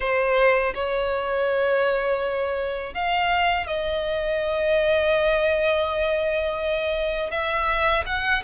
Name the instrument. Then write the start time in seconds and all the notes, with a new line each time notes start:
violin
0.00 C5
0.74 C#5
2.94 F5
3.67 D#5
7.30 E5
8.06 F#5